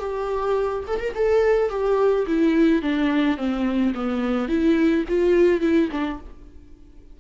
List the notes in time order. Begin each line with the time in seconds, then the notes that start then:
0.00 G4
0.87 A4
1.00 A#4
1.15 A4
1.70 G4
2.27 E4
2.82 D4
3.37 C4
3.95 B3
4.49 E4
5.08 F4
5.61 E4
5.92 D4